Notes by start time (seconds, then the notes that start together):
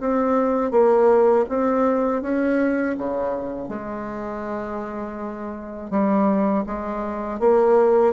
0.00 C4
0.71 A#3
1.49 C4
2.22 C#4
2.98 C#3
3.68 G#3
5.91 G3
6.67 G#3
7.40 A#3